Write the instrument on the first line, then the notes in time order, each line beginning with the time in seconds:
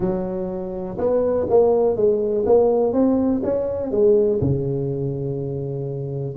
tuba
0.00 F#3
0.98 B3
1.49 A#3
1.96 G#3
2.45 A#3
2.92 C4
3.43 C#4
3.91 G#3
4.40 C#3